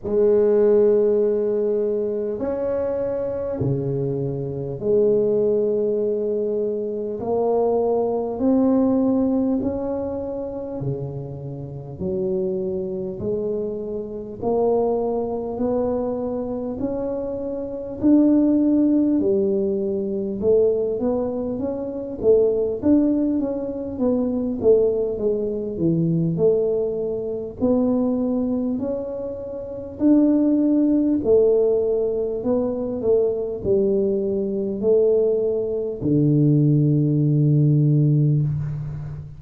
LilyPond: \new Staff \with { instrumentName = "tuba" } { \time 4/4 \tempo 4 = 50 gis2 cis'4 cis4 | gis2 ais4 c'4 | cis'4 cis4 fis4 gis4 | ais4 b4 cis'4 d'4 |
g4 a8 b8 cis'8 a8 d'8 cis'8 | b8 a8 gis8 e8 a4 b4 | cis'4 d'4 a4 b8 a8 | g4 a4 d2 | }